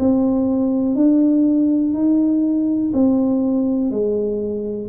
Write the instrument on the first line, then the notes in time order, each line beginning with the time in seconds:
tuba
0.00 C4
0.96 D4
1.94 D#4
2.94 C4
3.92 G#3